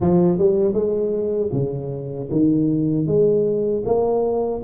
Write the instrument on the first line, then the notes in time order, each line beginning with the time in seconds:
tuba
0.00 F3
0.38 G3
0.73 G#3
1.52 C#3
2.31 D#3
3.06 G#3
3.85 A#3